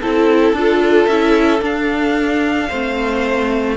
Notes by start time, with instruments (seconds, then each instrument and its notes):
0.00 cello C4, viola E4, violin A4
0.52 cello D4, viola F4
1.06 cello C#4, viola E4, violin E5
1.58 viola D4, cello D4
1.64 violin F5
2.68 cello A3, viola C4, violin C5